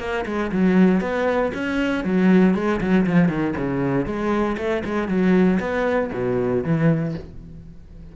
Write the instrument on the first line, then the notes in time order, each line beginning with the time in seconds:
cello
0.00 A#3
0.26 G#3
0.52 F#3
1.01 B3
1.54 C#4
2.05 F#3
2.55 G#3
2.81 F#3
3.06 F3
3.29 D#3
3.57 C#3
4.07 G#3
4.58 A3
4.85 G#3
5.09 F#3
5.60 B3
6.13 B2
6.64 E3